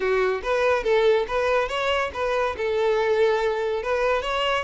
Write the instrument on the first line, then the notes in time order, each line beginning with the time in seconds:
violin
0.00 F#4
0.42 B4
0.83 A4
1.27 B4
1.68 C#5
2.13 B4
2.57 A4
3.82 B4
4.22 C#5